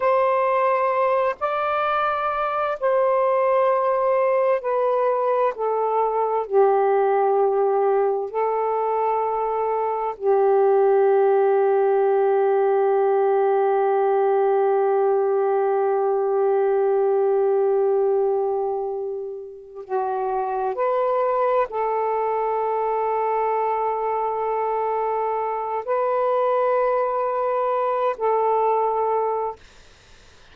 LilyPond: \new Staff \with { instrumentName = "saxophone" } { \time 4/4 \tempo 4 = 65 c''4. d''4. c''4~ | c''4 b'4 a'4 g'4~ | g'4 a'2 g'4~ | g'1~ |
g'1~ | g'4. fis'4 b'4 a'8~ | a'1 | b'2~ b'8 a'4. | }